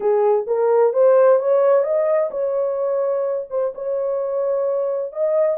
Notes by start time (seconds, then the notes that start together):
0.00 G#4
0.46 A#4
0.93 C5
1.39 C#5
1.83 D#5
2.30 C#5
3.50 C5
3.74 C#5
5.12 D#5